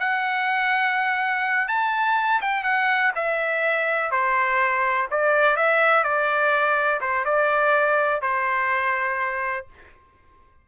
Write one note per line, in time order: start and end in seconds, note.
0.00 1.69 F#5
1.69 2.41 A5
2.41 2.64 G5
2.64 3.12 F#5
3.16 4.12 E5
4.12 5.09 C5
5.11 5.57 D5
5.57 6.04 E5
6.04 7.01 D5
7.01 7.25 C5
7.25 8.22 D5
8.22 9.67 C5